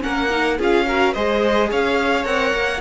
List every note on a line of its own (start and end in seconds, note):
0.00 0.59 A#3
0.00 0.28 C#4
0.00 0.58 A#4
0.00 0.59 F#5
0.30 0.58 D#4
0.58 1.15 C#4
0.58 0.87 F4
0.58 0.86 G#4
0.58 1.14 F5
0.87 1.15 F#4
0.87 1.13 A#4
1.13 1.71 G#3
1.13 2.24 G#4
1.13 1.69 C5
1.13 1.70 D#5
1.70 2.25 C#4
1.70 2.80 C#5
1.70 2.25 F5
2.24 2.53 C4
2.24 2.80 A#4
2.24 2.80 F#5
2.54 2.80 A#3